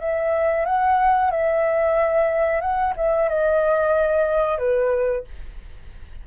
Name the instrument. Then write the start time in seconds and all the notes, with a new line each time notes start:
flute
0.00 E5
0.65 F#5
1.31 E5
2.61 F#5
2.96 E5
3.29 D#5
4.58 B4